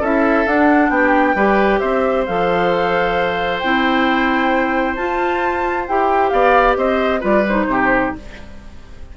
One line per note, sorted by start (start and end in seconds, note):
0.00 0.45 C#4
0.00 0.46 E4
0.00 0.90 A4
0.00 0.48 E5
0.46 0.89 D4
0.46 1.36 D4
0.46 0.90 F#5
0.89 1.34 B3
0.89 1.36 G4
0.89 1.79 G5
1.35 1.80 G3
1.35 2.27 G4
1.35 1.80 B4
1.79 2.27 C4
1.79 6.31 C5
1.79 2.24 E5
2.26 3.63 F3
2.26 3.62 A4
2.26 3.59 F5
3.59 4.97 C4
3.59 4.98 E4
3.59 4.94 G5
4.95 5.87 F4
4.95 5.88 F4
4.95 5.86 A5
5.87 6.32 E4
5.87 7.21 G4
5.87 6.29 G5
6.29 6.77 B3
6.29 6.77 D5
6.29 6.74 F5
6.77 7.22 C4
6.77 7.20 C5
6.77 7.22 D#5
7.20 7.66 G3
7.20 7.43 F4
7.20 7.65 B4
7.20 7.46 D5
7.48 8.17 D#4
7.48 8.15 C5
7.66 8.12 C3
7.66 8.16 G4